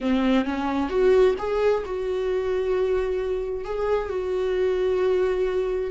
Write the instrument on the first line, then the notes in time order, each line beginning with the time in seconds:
viola
0.00 C4
0.44 C#4
0.89 F#4
1.38 G#4
1.85 F#4
3.64 G#4
4.09 F#4